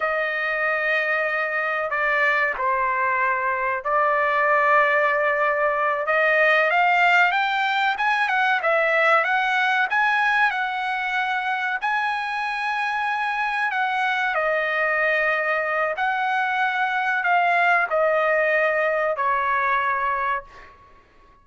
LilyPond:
\new Staff \with { instrumentName = "trumpet" } { \time 4/4 \tempo 4 = 94 dis''2. d''4 | c''2 d''2~ | d''4. dis''4 f''4 g''8~ | g''8 gis''8 fis''8 e''4 fis''4 gis''8~ |
gis''8 fis''2 gis''4.~ | gis''4. fis''4 dis''4.~ | dis''4 fis''2 f''4 | dis''2 cis''2 | }